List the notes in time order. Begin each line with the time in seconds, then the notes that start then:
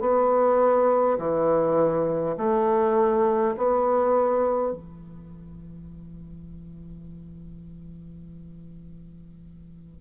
0.00 B3
1.18 E3
2.37 A3
3.57 B3
4.72 E3